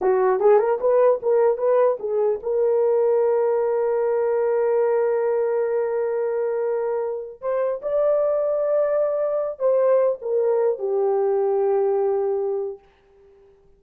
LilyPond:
\new Staff \with { instrumentName = "horn" } { \time 4/4 \tempo 4 = 150 fis'4 gis'8 ais'8 b'4 ais'4 | b'4 gis'4 ais'2~ | ais'1~ | ais'1~ |
ais'2~ ais'8 c''4 d''8~ | d''1 | c''4. ais'4. g'4~ | g'1 | }